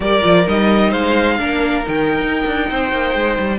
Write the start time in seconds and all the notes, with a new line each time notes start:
0.00 G3 G4 A#4 D5
0.21 F3 F4
0.46 G3 D#4 D#5
0.90 G#3 C5 F5
1.38 A#3 D4 A#4
1.83 D#3 D#4 G5
2.20 D#4
2.46 D4
2.69 C4 C5
2.91 A#3
3.15 G#3
3.38 G3